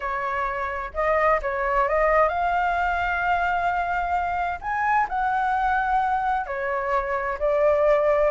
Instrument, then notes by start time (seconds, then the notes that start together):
flute
0.00 C#5
0.94 D#5
1.42 C#5
1.88 D#5
2.28 F5
4.61 G#5
5.08 F#5
6.46 C#5
7.39 D5